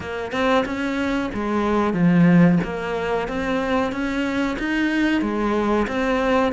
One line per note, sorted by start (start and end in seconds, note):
0.00 0.32 A#3
0.32 0.64 C4
0.65 1.30 C#4
1.34 1.93 G#3
1.93 2.58 F3
2.63 3.28 A#3
3.28 3.91 C4
3.91 4.57 C#4
4.58 5.21 D#4
5.21 5.86 G#3
5.87 6.52 C4